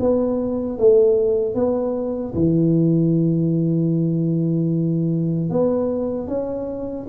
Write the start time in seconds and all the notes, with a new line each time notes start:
0.00 B3
0.78 A3
1.55 B3
2.34 E3
5.50 B3
6.28 C#4